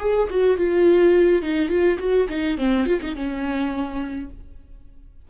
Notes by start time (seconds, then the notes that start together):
0.00 G#4
0.30 F#4
0.58 F4
1.42 D#4
1.69 F4
1.99 F#4
2.29 D#4
2.58 C4
2.86 F4
3.02 D#4
3.16 C#4